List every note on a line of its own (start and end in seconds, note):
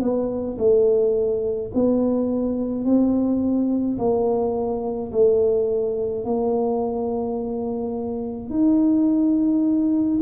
0.00 0.57 B3
0.58 1.71 A3
1.74 2.85 B3
2.85 3.98 C4
3.98 5.11 A#3
5.11 6.25 A3
6.25 8.50 A#3
8.50 10.20 D#4